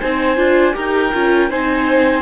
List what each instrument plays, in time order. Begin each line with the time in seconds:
0.00 cello C4, viola D#4, violin C5, clarinet G#5
0.37 cello D4, viola F4
0.73 cello D#4, viola G4, violin A#4, clarinet G5
1.13 cello C#4, viola F4
1.50 cello C4, viola D#4, violin C5, clarinet G#5